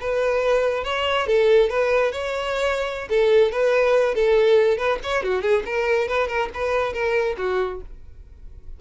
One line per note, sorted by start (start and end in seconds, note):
0.00 0.84 B4
0.84 1.26 C#5
1.26 1.69 A4
1.69 2.12 B4
2.12 3.08 C#5
3.09 3.51 A4
3.51 4.14 B4
4.14 4.77 A4
4.77 4.99 B4
5.03 5.23 C#5
5.23 5.41 F#4
5.41 5.63 G#4
5.65 6.08 A#4
6.08 6.27 B4
6.27 6.49 A#4
6.54 6.93 B4
6.93 7.36 A#4
7.37 7.80 F#4